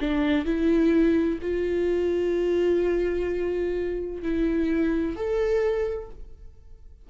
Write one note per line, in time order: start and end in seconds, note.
0.00 0.45 D4
0.45 1.39 E4
1.42 4.22 F4
4.22 5.16 E4
5.16 6.10 A4